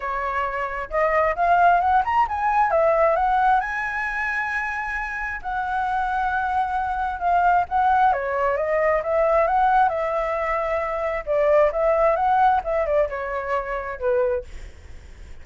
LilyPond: \new Staff \with { instrumentName = "flute" } { \time 4/4 \tempo 4 = 133 cis''2 dis''4 f''4 | fis''8 ais''8 gis''4 e''4 fis''4 | gis''1 | fis''1 |
f''4 fis''4 cis''4 dis''4 | e''4 fis''4 e''2~ | e''4 d''4 e''4 fis''4 | e''8 d''8 cis''2 b'4 | }